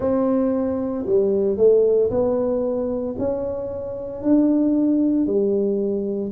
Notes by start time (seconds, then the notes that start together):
0.00 C4
1.06 G3
1.57 A3
2.10 B3
3.18 C#4
4.22 D4
5.26 G3